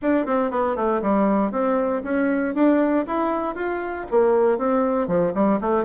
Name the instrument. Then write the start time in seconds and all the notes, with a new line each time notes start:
bassoon
0.02 D4
0.25 C4
0.50 B3
0.76 A3
1.01 G3
1.51 C4
2.03 C#4
2.54 D4
3.06 E4
3.55 F4
4.10 A#3
4.58 C4
5.07 F3
5.34 G3
5.60 A3